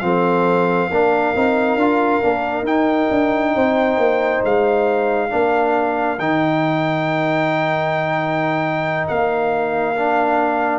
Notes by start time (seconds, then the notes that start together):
0.00 F3 C4 A4 F5
0.90 A#3 D4 A#4
1.35 C4 D#4
1.76 D4 F4
2.23 A#3 D4
2.63 D#4 G5
3.11 D4
3.56 C4 C5
3.98 A#3
4.44 G#3 F5
5.30 A#3 D4 A#4
6.19 D#3 D#4 G5
9.08 A#3 F5
9.97 D4